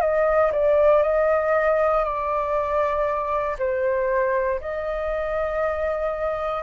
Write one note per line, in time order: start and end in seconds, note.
0.00 0.51 D#5
0.52 1.02 D5
1.02 2.04 D#5
2.04 3.56 D5
3.58 4.60 C5
4.60 6.63 D#5